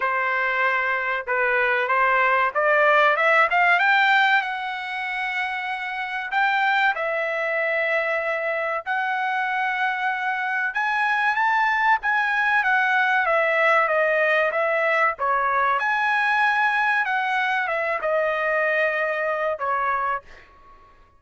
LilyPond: \new Staff \with { instrumentName = "trumpet" } { \time 4/4 \tempo 4 = 95 c''2 b'4 c''4 | d''4 e''8 f''8 g''4 fis''4~ | fis''2 g''4 e''4~ | e''2 fis''2~ |
fis''4 gis''4 a''4 gis''4 | fis''4 e''4 dis''4 e''4 | cis''4 gis''2 fis''4 | e''8 dis''2~ dis''8 cis''4 | }